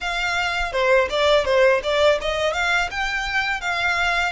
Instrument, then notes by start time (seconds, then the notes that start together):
violin
0.00 F5
0.72 C5
1.09 D5
1.45 C5
1.83 D5
2.21 D#5
2.53 F5
2.90 G5
3.60 F5